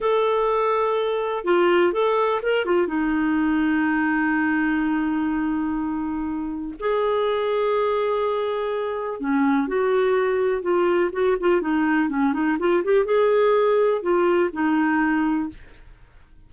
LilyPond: \new Staff \with { instrumentName = "clarinet" } { \time 4/4 \tempo 4 = 124 a'2. f'4 | a'4 ais'8 f'8 dis'2~ | dis'1~ | dis'2 gis'2~ |
gis'2. cis'4 | fis'2 f'4 fis'8 f'8 | dis'4 cis'8 dis'8 f'8 g'8 gis'4~ | gis'4 f'4 dis'2 | }